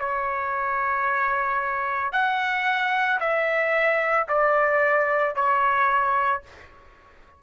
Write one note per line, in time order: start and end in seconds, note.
0.00 2.13 C#5
2.13 3.20 F#5
3.20 4.28 E5
4.29 5.36 D5
5.36 6.43 C#5